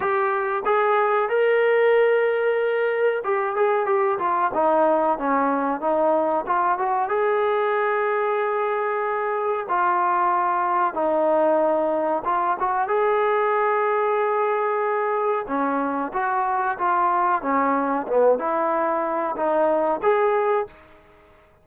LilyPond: \new Staff \with { instrumentName = "trombone" } { \time 4/4 \tempo 4 = 93 g'4 gis'4 ais'2~ | ais'4 g'8 gis'8 g'8 f'8 dis'4 | cis'4 dis'4 f'8 fis'8 gis'4~ | gis'2. f'4~ |
f'4 dis'2 f'8 fis'8 | gis'1 | cis'4 fis'4 f'4 cis'4 | b8 e'4. dis'4 gis'4 | }